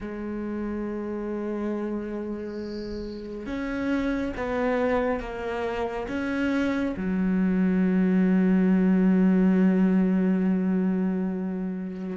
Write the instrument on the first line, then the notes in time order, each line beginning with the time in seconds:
cello
0.00 G#3
3.46 C#4
4.37 B3
5.20 A#3
6.08 C#4
6.96 F#3